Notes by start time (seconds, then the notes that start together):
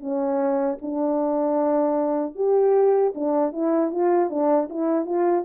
0.00 C#4
0.81 D4
2.35 G4
3.15 D4
3.52 E4
3.91 F4
4.30 D4
4.69 E4
5.05 F4